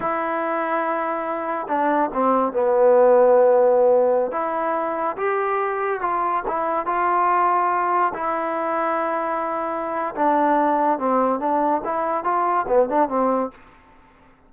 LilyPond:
\new Staff \with { instrumentName = "trombone" } { \time 4/4 \tempo 4 = 142 e'1 | d'4 c'4 b2~ | b2~ b16 e'4.~ e'16~ | e'16 g'2 f'4 e'8.~ |
e'16 f'2. e'8.~ | e'1 | d'2 c'4 d'4 | e'4 f'4 b8 d'8 c'4 | }